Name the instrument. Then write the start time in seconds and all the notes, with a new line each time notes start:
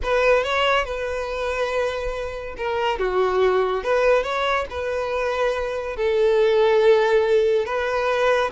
violin
0.03 B4
0.43 C#5
0.85 B4
2.57 A#4
2.98 F#4
3.83 B4
4.23 C#5
4.70 B4
5.96 A4
7.65 B4